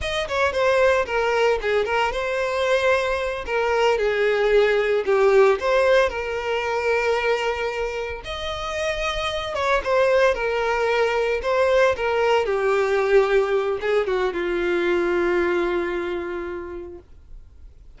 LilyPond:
\new Staff \with { instrumentName = "violin" } { \time 4/4 \tempo 4 = 113 dis''8 cis''8 c''4 ais'4 gis'8 ais'8 | c''2~ c''8 ais'4 gis'8~ | gis'4. g'4 c''4 ais'8~ | ais'2.~ ais'8 dis''8~ |
dis''2 cis''8 c''4 ais'8~ | ais'4. c''4 ais'4 g'8~ | g'2 gis'8 fis'8 f'4~ | f'1 | }